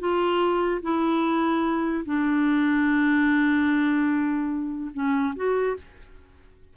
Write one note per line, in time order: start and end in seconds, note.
0.00 0.82 F4
0.82 2.05 E4
2.05 4.91 D4
4.94 5.35 C#4
5.36 5.77 F#4